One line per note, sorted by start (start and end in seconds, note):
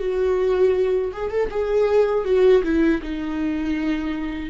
0.00 1.12 F#4
1.13 1.31 G#4
1.31 1.50 A4
1.51 2.25 G#4
2.25 2.62 F#4
2.64 3.01 E4
3.03 4.50 D#4